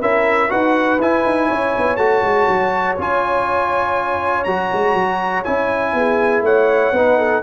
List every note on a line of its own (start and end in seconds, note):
0.00 0.51 C#4
0.00 0.49 E4
0.00 0.50 A#4
0.00 0.51 E5
0.49 0.99 D#4
0.49 0.98 F#4
0.49 1.48 B4
0.49 1.00 F#5
0.99 1.24 E4
0.99 1.98 E4
0.99 1.96 G#5
1.25 1.50 D#4
1.48 1.75 C#4
1.48 5.94 C#5
1.78 1.97 B3
1.96 2.22 A3
1.96 2.97 F#4
1.96 2.96 A5
2.23 2.47 G#3
2.48 2.97 F#3
2.98 4.46 C#4
2.98 4.46 F4
2.98 4.44 G#5
4.44 4.71 F#3
4.44 5.45 F#4
4.44 5.43 A#5
4.72 4.94 G#3
4.94 5.43 F#3
5.44 5.93 C#4
5.44 6.93 E4
5.44 6.43 G#5
5.93 6.41 B3
5.93 6.45 G#4
6.41 6.91 A3
6.41 6.93 C#5
6.41 7.43 F#5
6.92 7.42 B3
6.92 7.43 D#4
6.92 7.18 B4
7.18 7.43 A4